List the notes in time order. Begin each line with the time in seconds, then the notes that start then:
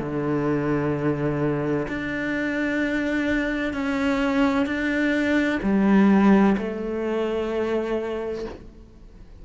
0.00 D3
1.88 D4
3.73 C#4
4.66 D4
5.63 G3
6.58 A3